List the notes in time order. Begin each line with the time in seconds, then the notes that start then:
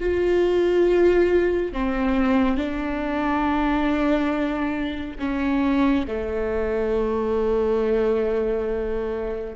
0.00 F4
1.73 C4
2.57 D4
5.19 C#4
6.08 A3